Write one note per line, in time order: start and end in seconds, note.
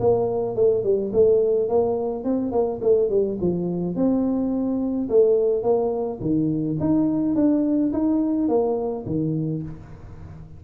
0.00 0.56 A#3
0.56 0.83 A3
0.83 1.11 G3
1.13 1.69 A3
1.69 2.24 A#3
2.24 2.51 C4
2.51 2.80 A#3
2.81 3.09 A3
3.09 3.38 G3
3.41 3.95 F3
3.95 5.09 C4
5.09 5.63 A3
5.63 6.19 A#3
6.20 6.77 D#3
6.80 7.35 D#4
7.35 7.92 D4
7.92 8.48 D#4
8.48 9.05 A#3
9.06 9.62 D#3